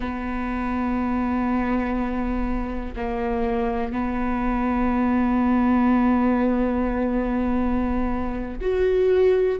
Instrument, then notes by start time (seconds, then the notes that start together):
viola
0.00 B3
2.96 A#3
3.92 B3
8.61 F#4